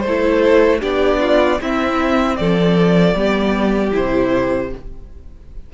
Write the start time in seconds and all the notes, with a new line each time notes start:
0.00 A3 A4 C5
0.08 E4
0.80 B3 D4 G4 D5
1.20 F4
1.59 C4 E4 E5
2.36 F3 A4 D5
3.14 G3 B3 G4
3.92 C3 E4 C5